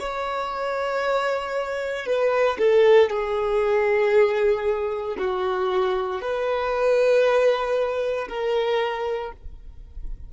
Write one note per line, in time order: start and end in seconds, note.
0.00 2.06 C#5
2.06 2.58 B4
2.59 3.10 A4
3.10 5.17 G#4
5.18 6.22 F#4
6.22 8.29 B4
8.29 9.32 A#4